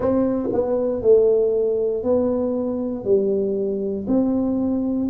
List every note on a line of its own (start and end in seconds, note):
0.00 0.49 C4
0.52 1.02 B3
1.02 2.03 A3
2.03 3.04 B3
3.04 4.05 G3
4.07 5.08 C4